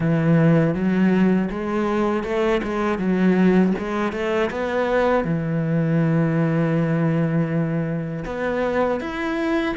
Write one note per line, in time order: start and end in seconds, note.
0.00 0.74 E3
0.74 1.49 F#3
1.50 2.23 G#3
2.23 2.61 A3
2.63 2.98 G#3
2.98 3.73 F#3
3.78 4.12 G#3
4.12 4.50 A3
4.50 5.24 B3
5.24 8.24 E3
8.25 9.00 B3
9.00 9.75 E4